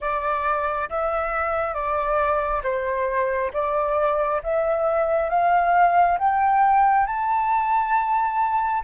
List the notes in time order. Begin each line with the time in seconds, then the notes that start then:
0.00 D5
0.89 E5
1.74 D5
2.63 C5
3.53 D5
4.43 E5
5.29 F5
6.18 G5
7.06 A5